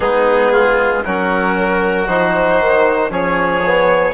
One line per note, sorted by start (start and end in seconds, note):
0.00 1.04 G#3
0.00 1.03 B3
0.00 0.52 D#4
0.00 1.02 G#4
0.52 1.03 F4
1.04 2.08 F#3
1.04 2.07 C#4
1.04 3.11 F#4
1.04 2.07 A#4
2.07 2.59 F3
2.07 3.10 D#4
2.07 3.11 C5
2.60 3.09 D#3
3.09 4.13 F3
3.09 3.61 C#4
3.09 4.13 G#4
3.09 4.13 C#5
3.65 4.13 B3